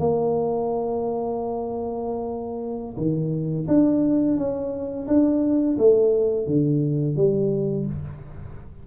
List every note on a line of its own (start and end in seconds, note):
0.00 2.97 A#3
2.98 3.68 D#3
3.68 4.38 D4
4.38 5.07 C#4
5.08 5.77 D4
5.79 6.47 A3
6.47 7.17 D3
7.17 7.86 G3